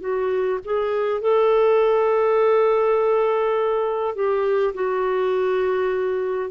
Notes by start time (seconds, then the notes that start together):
0.00 F#4
0.64 G#4
1.21 A4
4.15 G4
4.74 F#4